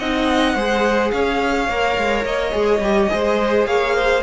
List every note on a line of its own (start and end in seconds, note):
0.00 0.56 C4
0.00 0.57 D#4
0.00 0.55 D#5
0.00 1.12 F#5
0.55 1.12 G#3
0.55 1.70 G#4
0.55 1.12 C5
1.12 1.69 C#4
1.12 3.13 C#5
1.12 2.25 F5
1.69 1.98 A#3
1.69 2.52 A#4
1.98 2.25 G#3
2.25 2.53 A#3
2.25 3.67 D#5
2.52 2.80 G#3
2.52 2.81 G#4
2.80 3.08 G3
2.80 3.10 G4
3.10 3.67 G#3
3.10 4.23 G#4
3.10 3.69 C5
3.67 4.23 A#3
3.67 3.96 C#5
3.67 4.23 F5
3.96 4.23 C5